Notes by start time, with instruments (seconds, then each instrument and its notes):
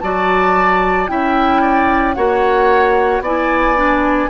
0.00 bassoon F#3, clarinet F#4, oboe D5, flute A5
1.07 bassoon C#4, clarinet E4, oboe E5, flute G5
1.61 oboe D5
2.14 bassoon A#3, clarinet F#4, oboe C#5, flute F#5
3.20 bassoon B3, clarinet E4, oboe D5, flute G#5
3.76 clarinet D4